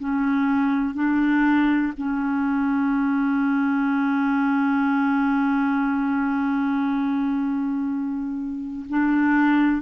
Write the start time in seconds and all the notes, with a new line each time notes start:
0.00 C#4
0.95 D4
1.98 C#4
8.90 D4